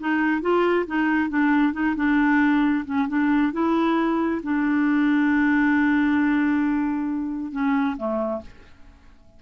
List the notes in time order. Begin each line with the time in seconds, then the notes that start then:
0.00 D#4
0.42 F4
0.87 D#4
1.29 D4
1.73 D#4
1.96 D4
2.85 C#4
3.08 D4
3.53 E4
4.43 D4
7.52 C#4
7.97 A3